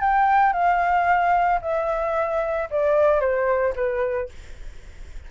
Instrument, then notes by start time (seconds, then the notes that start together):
flute
0.00 G5
0.53 F5
1.61 E5
2.70 D5
3.20 C5
3.75 B4